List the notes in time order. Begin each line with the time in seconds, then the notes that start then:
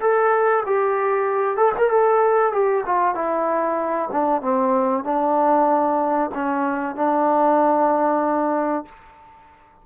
0.00 A4
0.66 G4
1.56 A4
1.77 A#4
1.89 A4
2.52 G4
2.86 F4
3.14 E4
4.11 D4
4.41 C4
5.04 D4
6.34 C#4
6.95 D4